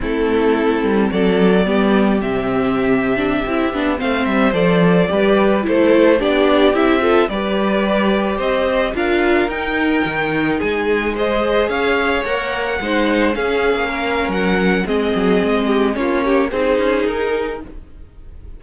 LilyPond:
<<
  \new Staff \with { instrumentName = "violin" } { \time 4/4 \tempo 4 = 109 a'2 d''2 | e''2.~ e''16 f''8 e''16~ | e''16 d''2 c''4 d''8.~ | d''16 e''4 d''2 dis''8.~ |
dis''16 f''4 g''2 gis''8.~ | gis''16 dis''4 f''4 fis''4.~ fis''16~ | fis''16 f''4.~ f''16 fis''4 dis''4~ | dis''4 cis''4 c''4 ais'4 | }
  \new Staff \with { instrumentName = "violin" } { \time 4/4 e'2 a'4 g'4~ | g'2.~ g'16 c''8.~ | c''4~ c''16 b'4 a'4 g'8.~ | g'8. a'8 b'2 c''8.~ |
c''16 ais'2. gis'8.~ | gis'16 c''4 cis''2 c''8.~ | c''16 gis'4 ais'4.~ ais'16 gis'4~ | gis'8 g'8 f'8 g'8 gis'2 | }
  \new Staff \with { instrumentName = "viola" } { \time 4/4 c'2. b4 | c'4.~ c'16 d'8 e'8 d'8 c'8.~ | c'16 a'4 g'4 e'4 d'8.~ | d'16 e'8 f'8 g'2~ g'8.~ |
g'16 f'4 dis'2~ dis'8.~ | dis'16 gis'2 ais'4 dis'8.~ | dis'16 cis'2~ cis'8. c'4~ | c'4 cis'4 dis'2 | }
  \new Staff \with { instrumentName = "cello" } { \time 4/4 a4. g8 fis4 g4 | c2~ c16 c'8 b8 a8 g16~ | g16 f4 g4 a4 b8.~ | b16 c'4 g2 c'8.~ |
c'16 d'4 dis'4 dis4 gis8.~ | gis4~ gis16 cis'4 ais4 gis8.~ | gis16 cis'8. ais4 fis4 gis8 fis8 | gis4 ais4 c'8 cis'8 dis'4 | }
>>